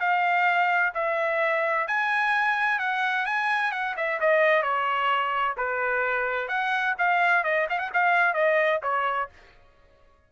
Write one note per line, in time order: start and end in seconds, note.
0.00 0.93 F5
0.95 1.88 E5
1.88 2.79 G#5
2.79 3.26 F#5
3.26 3.72 G#5
3.72 3.95 F#5
3.97 4.20 E5
4.21 4.63 D#5
4.63 5.56 C#5
5.57 6.48 B4
6.48 6.95 F#5
6.99 7.44 F5
7.44 7.67 D#5
7.70 7.79 F5
7.79 7.90 F#5
7.94 8.34 F5
8.34 8.81 D#5
8.83 9.30 C#5